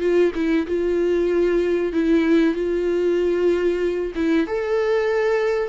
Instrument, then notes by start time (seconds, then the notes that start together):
viola
0.00 F4
0.35 E4
0.67 F4
1.93 E4
2.54 F4
4.15 E4
4.47 A4